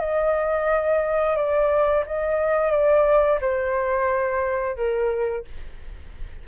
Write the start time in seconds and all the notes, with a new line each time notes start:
0.00 D#5
1.36 D5
2.06 D#5
2.71 D5
3.41 C5
4.77 A#4